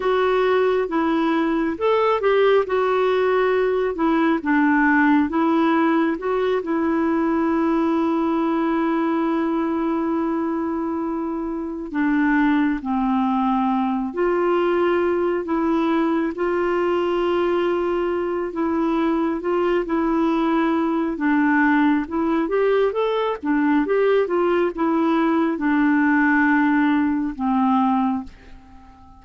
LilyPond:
\new Staff \with { instrumentName = "clarinet" } { \time 4/4 \tempo 4 = 68 fis'4 e'4 a'8 g'8 fis'4~ | fis'8 e'8 d'4 e'4 fis'8 e'8~ | e'1~ | e'4. d'4 c'4. |
f'4. e'4 f'4.~ | f'4 e'4 f'8 e'4. | d'4 e'8 g'8 a'8 d'8 g'8 f'8 | e'4 d'2 c'4 | }